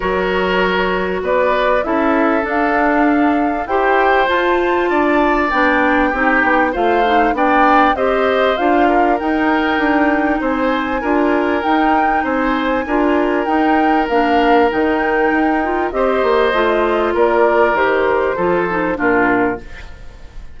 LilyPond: <<
  \new Staff \with { instrumentName = "flute" } { \time 4/4 \tempo 4 = 98 cis''2 d''4 e''4 | f''2 g''4 a''4~ | a''4 g''2 f''4 | g''4 dis''4 f''4 g''4~ |
g''4 gis''2 g''4 | gis''2 g''4 f''4 | g''2 dis''2 | d''4 c''2 ais'4 | }
  \new Staff \with { instrumentName = "oboe" } { \time 4/4 ais'2 b'4 a'4~ | a'2 c''2 | d''2 g'4 c''4 | d''4 c''4. ais'4.~ |
ais'4 c''4 ais'2 | c''4 ais'2.~ | ais'2 c''2 | ais'2 a'4 f'4 | }
  \new Staff \with { instrumentName = "clarinet" } { \time 4/4 fis'2. e'4 | d'2 g'4 f'4~ | f'4 d'4 dis'4 f'8 dis'8 | d'4 g'4 f'4 dis'4~ |
dis'2 f'4 dis'4~ | dis'4 f'4 dis'4 d'4 | dis'4. f'8 g'4 f'4~ | f'4 g'4 f'8 dis'8 d'4 | }
  \new Staff \with { instrumentName = "bassoon" } { \time 4/4 fis2 b4 cis'4 | d'2 e'4 f'4 | d'4 b4 c'8 b8 a4 | b4 c'4 d'4 dis'4 |
d'4 c'4 d'4 dis'4 | c'4 d'4 dis'4 ais4 | dis4 dis'4 c'8 ais8 a4 | ais4 dis4 f4 ais,4 | }
>>